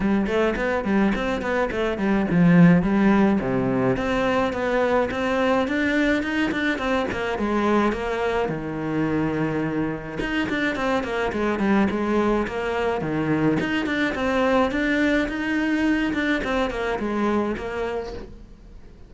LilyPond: \new Staff \with { instrumentName = "cello" } { \time 4/4 \tempo 4 = 106 g8 a8 b8 g8 c'8 b8 a8 g8 | f4 g4 c4 c'4 | b4 c'4 d'4 dis'8 d'8 | c'8 ais8 gis4 ais4 dis4~ |
dis2 dis'8 d'8 c'8 ais8 | gis8 g8 gis4 ais4 dis4 | dis'8 d'8 c'4 d'4 dis'4~ | dis'8 d'8 c'8 ais8 gis4 ais4 | }